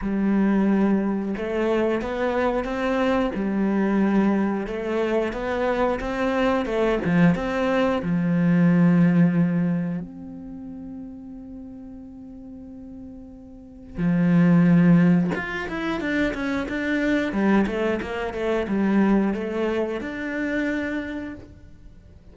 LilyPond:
\new Staff \with { instrumentName = "cello" } { \time 4/4 \tempo 4 = 90 g2 a4 b4 | c'4 g2 a4 | b4 c'4 a8 f8 c'4 | f2. c'4~ |
c'1~ | c'4 f2 f'8 e'8 | d'8 cis'8 d'4 g8 a8 ais8 a8 | g4 a4 d'2 | }